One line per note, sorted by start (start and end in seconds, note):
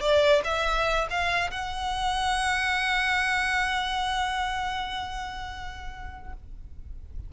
0.00 0.42 D5
0.44 1.07 E5
1.10 1.50 F5
1.50 6.33 F#5